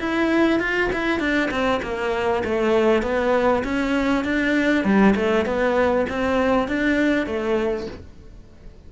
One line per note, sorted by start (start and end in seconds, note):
0.00 0.60 E4
0.60 0.90 F4
0.93 1.20 E4
1.20 1.50 D4
1.51 1.81 C4
1.83 2.44 A#3
2.45 3.03 A3
3.03 3.64 B3
3.64 4.25 C#4
4.25 4.85 D4
4.85 5.15 G3
5.16 5.46 A3
5.46 6.06 B3
6.10 6.68 C4
6.68 7.27 D4
7.27 7.87 A3